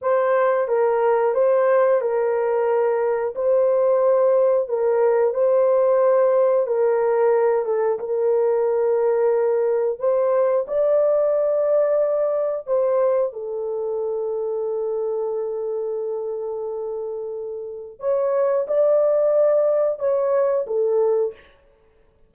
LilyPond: \new Staff \with { instrumentName = "horn" } { \time 4/4 \tempo 4 = 90 c''4 ais'4 c''4 ais'4~ | ais'4 c''2 ais'4 | c''2 ais'4. a'8 | ais'2. c''4 |
d''2. c''4 | a'1~ | a'2. cis''4 | d''2 cis''4 a'4 | }